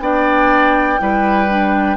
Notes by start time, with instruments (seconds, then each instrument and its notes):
0.00 bassoon B3, clarinet D4, oboe D5, flute G5
0.99 bassoon G3, clarinet E4, oboe B4
1.49 clarinet D4